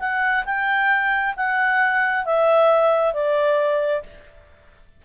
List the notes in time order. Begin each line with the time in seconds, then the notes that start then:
0.00 F#5
0.46 G5
1.37 F#5
2.26 E5
3.14 D5